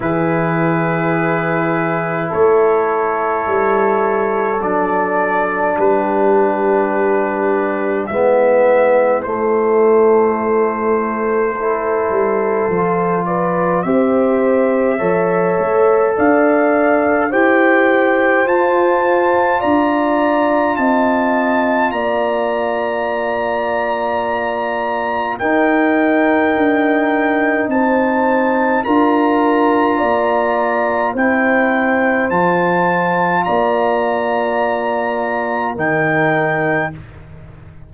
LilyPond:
<<
  \new Staff \with { instrumentName = "trumpet" } { \time 4/4 \tempo 4 = 52 b'2 cis''2 | d''4 b'2 e''4 | c''2.~ c''8 d''8 | e''2 f''4 g''4 |
a''4 ais''4 a''4 ais''4~ | ais''2 g''2 | a''4 ais''2 g''4 | a''4 ais''2 g''4 | }
  \new Staff \with { instrumentName = "horn" } { \time 4/4 gis'2 a'2~ | a'4 g'2 e'4~ | e'2 a'4. b'8 | c''4 cis''4 d''4 c''4~ |
c''4 d''4 dis''4 d''4~ | d''2 ais'2 | c''4 ais'4 d''4 c''4~ | c''4 d''2 ais'4 | }
  \new Staff \with { instrumentName = "trombone" } { \time 4/4 e'1 | d'2. b4 | a2 e'4 f'4 | g'4 a'2 g'4 |
f'1~ | f'2 dis'2~ | dis'4 f'2 e'4 | f'2. dis'4 | }
  \new Staff \with { instrumentName = "tuba" } { \time 4/4 e2 a4 g4 | fis4 g2 gis4 | a2~ a8 g8 f4 | c'4 f8 a8 d'4 e'4 |
f'4 d'4 c'4 ais4~ | ais2 dis'4 d'4 | c'4 d'4 ais4 c'4 | f4 ais2 dis4 | }
>>